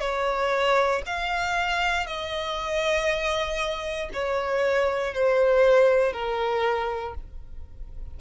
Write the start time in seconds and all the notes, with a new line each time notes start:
0.00 C#5
1.06 F5
2.06 D#5
4.13 C#5
5.14 C5
6.12 A#4